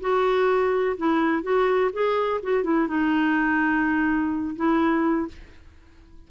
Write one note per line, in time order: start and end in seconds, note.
0.00 0.96 F#4
0.97 1.42 E4
1.42 1.90 F#4
1.92 2.40 G#4
2.43 2.63 F#4
2.63 2.87 E4
2.87 4.55 D#4
4.56 5.28 E4